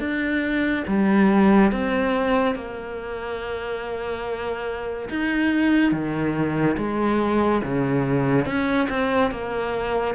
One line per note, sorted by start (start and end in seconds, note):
0.00 0.85 D4
0.88 1.72 G3
1.72 2.55 C4
2.55 5.09 A#3
5.10 5.92 D#4
5.92 6.77 D#3
6.78 7.62 G#3
7.64 8.46 C#3
8.46 8.88 C#4
8.90 9.32 C4
9.32 10.15 A#3